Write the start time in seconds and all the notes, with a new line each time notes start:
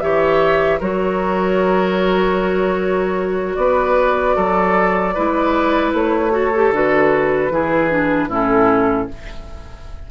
0.00 E3 G4 C#5 E5
0.79 F#3 F#4 A#4 C#5
3.55 B3 B4 D5
4.36 F#3 A4
5.14 G#3 E4 B4
5.93 A3 C#5
6.31 F#4 A4
6.54 G4
6.71 D3 F#4 B4
7.50 E3 E4 G#4
7.89 D4
8.28 A2 C#4 E4 A4